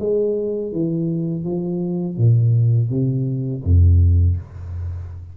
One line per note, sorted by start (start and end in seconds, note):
0.00 0.73 G#3
0.73 1.45 E3
1.45 2.18 F3
2.18 2.90 A#2
2.90 3.64 C3
3.64 4.37 F2